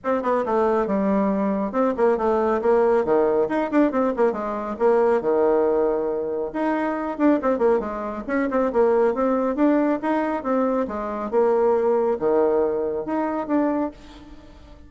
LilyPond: \new Staff \with { instrumentName = "bassoon" } { \time 4/4 \tempo 4 = 138 c'8 b8 a4 g2 | c'8 ais8 a4 ais4 dis4 | dis'8 d'8 c'8 ais8 gis4 ais4 | dis2. dis'4~ |
dis'8 d'8 c'8 ais8 gis4 cis'8 c'8 | ais4 c'4 d'4 dis'4 | c'4 gis4 ais2 | dis2 dis'4 d'4 | }